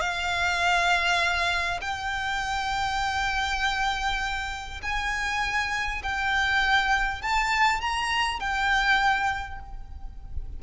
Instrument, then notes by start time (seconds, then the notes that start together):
violin
0.00 F5
1.81 G5
4.82 G#5
6.03 G5
7.21 A5
7.81 A#5
8.39 G5